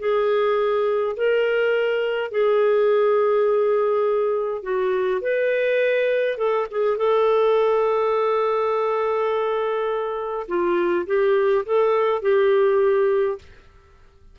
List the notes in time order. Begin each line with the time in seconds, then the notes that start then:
0.00 G#4
1.17 A#4
2.32 G#4
4.63 F#4
5.22 B4
6.38 A4
6.71 G#4
6.98 A4
10.48 F4
11.07 G4
11.66 A4
12.23 G4